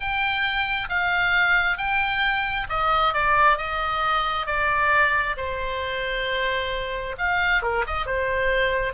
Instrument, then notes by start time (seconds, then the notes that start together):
oboe
0.00 G5
0.89 F5
1.77 G5
2.69 D#5
3.13 D5
3.57 D#5
4.46 D5
5.36 C5
7.18 F5
7.62 A#4
7.86 D#5
8.06 C5